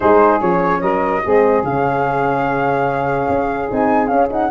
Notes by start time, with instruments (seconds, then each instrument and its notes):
0.00 tuba G#3, horn D#4, saxophone G#4, flute C5
0.40 tuba F3, horn C#4, flute C#5
0.80 tuba F#3, saxophone A#4, flute D#5
1.24 tuba G#3, horn C4, saxophone G#4
1.64 tuba C#3, horn C#4, flute F5
3.29 tuba C#4
3.69 tuba C4, horn D#4, flute G#5
4.07 horn C#4, tuba C#4, flute F5
4.29 horn D#4, flute F#5